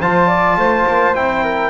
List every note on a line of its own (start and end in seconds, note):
0.00 0.56 F3
0.00 1.15 F4
0.00 0.27 C5
0.00 1.15 A5
0.27 0.56 D5
0.56 0.85 A3
0.56 1.43 C5
0.87 1.15 A#3
1.15 1.70 C4
1.15 1.70 E4
1.15 1.70 G5
1.43 1.70 A#4